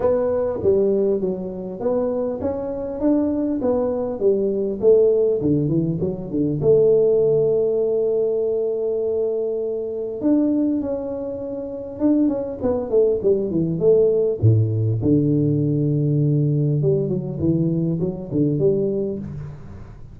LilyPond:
\new Staff \with { instrumentName = "tuba" } { \time 4/4 \tempo 4 = 100 b4 g4 fis4 b4 | cis'4 d'4 b4 g4 | a4 d8 e8 fis8 d8 a4~ | a1~ |
a4 d'4 cis'2 | d'8 cis'8 b8 a8 g8 e8 a4 | a,4 d2. | g8 fis8 e4 fis8 d8 g4 | }